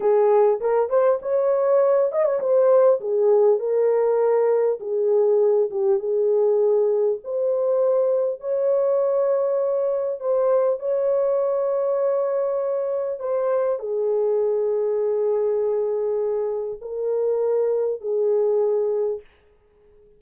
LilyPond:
\new Staff \with { instrumentName = "horn" } { \time 4/4 \tempo 4 = 100 gis'4 ais'8 c''8 cis''4. dis''16 cis''16 | c''4 gis'4 ais'2 | gis'4. g'8 gis'2 | c''2 cis''2~ |
cis''4 c''4 cis''2~ | cis''2 c''4 gis'4~ | gis'1 | ais'2 gis'2 | }